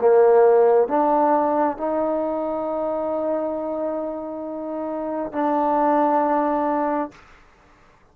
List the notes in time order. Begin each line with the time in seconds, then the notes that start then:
0.00 A#3
0.88 D4
1.77 D#4
5.32 D4